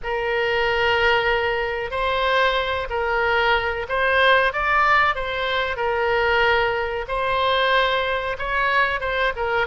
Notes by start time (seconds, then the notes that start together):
0.03 A#4
1.90 C5
2.89 A#4
3.88 C5
4.52 D5
5.15 C5
5.76 A#4
7.08 C5
8.38 C#5
9.00 C5
9.36 A#4